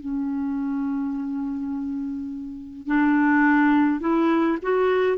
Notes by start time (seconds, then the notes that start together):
0.00 C#4
2.87 D4
4.01 E4
4.63 F#4